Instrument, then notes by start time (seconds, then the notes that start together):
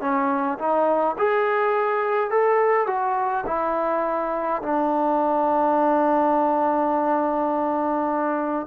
trombone
0.00 C#4
0.58 D#4
1.18 G#4
2.30 A4
2.87 F#4
3.46 E4
4.62 D4